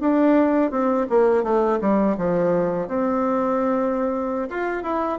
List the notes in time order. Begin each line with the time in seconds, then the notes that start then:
0.00 D4
0.71 C4
1.09 A#3
1.43 A3
1.81 G3
2.17 F3
2.88 C4
4.50 F4
4.83 E4